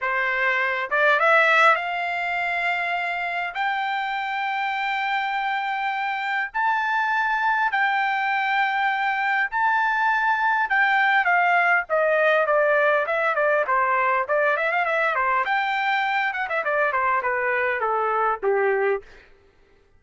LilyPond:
\new Staff \with { instrumentName = "trumpet" } { \time 4/4 \tempo 4 = 101 c''4. d''8 e''4 f''4~ | f''2 g''2~ | g''2. a''4~ | a''4 g''2. |
a''2 g''4 f''4 | dis''4 d''4 e''8 d''8 c''4 | d''8 e''16 f''16 e''8 c''8 g''4. fis''16 e''16 | d''8 c''8 b'4 a'4 g'4 | }